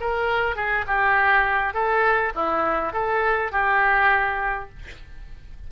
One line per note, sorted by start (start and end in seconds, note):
0.00 0.56 A#4
0.56 0.85 G#4
0.87 1.74 G4
1.74 2.32 A4
2.35 2.93 E4
2.93 3.52 A4
3.52 4.69 G4